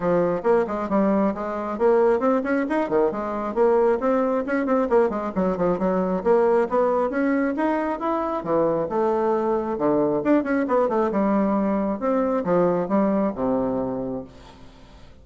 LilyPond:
\new Staff \with { instrumentName = "bassoon" } { \time 4/4 \tempo 4 = 135 f4 ais8 gis8 g4 gis4 | ais4 c'8 cis'8 dis'8 dis8 gis4 | ais4 c'4 cis'8 c'8 ais8 gis8 | fis8 f8 fis4 ais4 b4 |
cis'4 dis'4 e'4 e4 | a2 d4 d'8 cis'8 | b8 a8 g2 c'4 | f4 g4 c2 | }